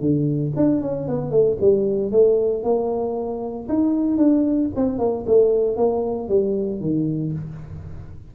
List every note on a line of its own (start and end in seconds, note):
0.00 0.52 D3
0.56 0.82 D4
0.82 1.08 C#4
1.08 1.31 B3
1.31 1.57 A3
1.61 2.12 G3
2.12 2.63 A3
2.63 3.68 A#3
3.69 4.17 D#4
4.17 4.70 D4
4.76 4.99 C4
4.99 5.25 A#3
5.26 5.77 A3
5.77 6.29 A#3
6.29 6.81 G3
6.81 7.33 D#3